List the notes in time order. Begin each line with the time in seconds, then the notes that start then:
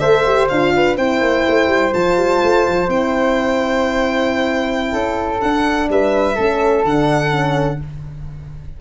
0.00 A3 A4 C5 E5
0.26 G4
0.48 D4 F4 F5
0.76 B4
0.97 C4 E4 C5 G5
1.21 A#3
1.48 A3
1.67 G3
1.92 F3 F4 A5
2.17 G3
2.43 A3
2.67 F3
2.88 C4 E4 G5
4.92 C#4 A4
5.40 D4 F#5
5.89 G3 B4 E5
6.35 A3 C#4 A4
6.85 D3 D4 F#5
7.30 C#4